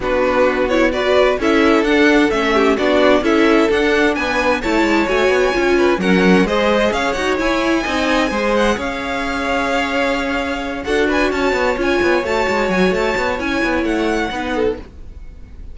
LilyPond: <<
  \new Staff \with { instrumentName = "violin" } { \time 4/4 \tempo 4 = 130 b'4. cis''8 d''4 e''4 | fis''4 e''4 d''4 e''4 | fis''4 gis''4 a''4 gis''4~ | gis''4 fis''4 dis''4 f''8 fis''8 |
gis''2~ gis''8 fis''8 f''4~ | f''2.~ f''8 fis''8 | gis''8 a''4 gis''4 a''4 gis''8 | a''4 gis''4 fis''2 | }
  \new Staff \with { instrumentName = "violin" } { \time 4/4 fis'2 b'4 a'4~ | a'4. g'8 fis'4 a'4~ | a'4 b'4 cis''2~ | cis''8 b'8 ais'4 c''4 cis''4~ |
cis''4 dis''4 c''4 cis''4~ | cis''2.~ cis''8 a'8 | b'8 cis''2.~ cis''8~ | cis''2. b'8 a'8 | }
  \new Staff \with { instrumentName = "viola" } { \time 4/4 d'4. e'8 fis'4 e'4 | d'4 cis'4 d'4 e'4 | d'2 e'4 fis'4 | f'4 cis'4 gis'4. fis'8 |
e'4 dis'4 gis'2~ | gis'2.~ gis'8 fis'8~ | fis'4. f'4 fis'4.~ | fis'4 e'2 dis'4 | }
  \new Staff \with { instrumentName = "cello" } { \time 4/4 b2. cis'4 | d'4 a4 b4 cis'4 | d'4 b4 a8 gis8 a8 b8 | cis'4 fis4 gis4 cis'8 dis'8 |
e'4 c'4 gis4 cis'4~ | cis'2.~ cis'8 d'8~ | d'8 cis'8 b8 cis'8 b8 a8 gis8 fis8 | a8 b8 cis'8 b8 a4 b4 | }
>>